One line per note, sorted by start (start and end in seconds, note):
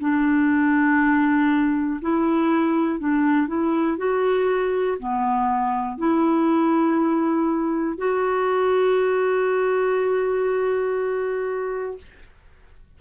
0.00 2.00 D4
2.02 3.00 E4
3.00 3.47 D4
3.47 3.97 E4
3.98 4.98 F#4
4.99 5.98 B3
5.98 7.98 E4
7.98 11.98 F#4